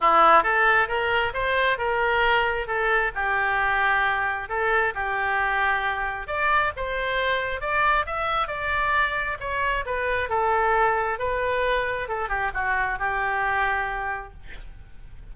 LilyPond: \new Staff \with { instrumentName = "oboe" } { \time 4/4 \tempo 4 = 134 e'4 a'4 ais'4 c''4 | ais'2 a'4 g'4~ | g'2 a'4 g'4~ | g'2 d''4 c''4~ |
c''4 d''4 e''4 d''4~ | d''4 cis''4 b'4 a'4~ | a'4 b'2 a'8 g'8 | fis'4 g'2. | }